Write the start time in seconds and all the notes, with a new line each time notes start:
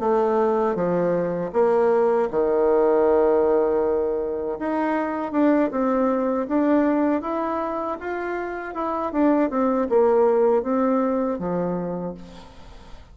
0.00 A3
0.76 F3
1.53 A#3
2.31 D#3
4.60 D#4
5.33 D4
5.72 C4
6.48 D4
7.22 E4
8.01 F4
8.75 E4
9.13 D4
9.50 C4
9.90 A#3
10.63 C4
11.39 F3